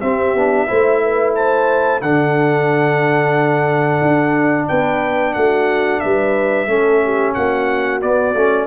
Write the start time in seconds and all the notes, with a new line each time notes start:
0.00 C4 G4 E5
0.34 B3 D4
0.67 A3 E4 C5
1.02 B4
1.35 C5 A5
2.01 D3 D4 A4 F#5
4.01 D4
4.67 B3 B4 G5
5.33 A3 F#4 F#5
6.00 G3 B4 E5
6.66 A3 C#4 A4
7.04 G4
7.34 A#3 F#4 F#5
8.01 B3 D5
8.35 A3 C#4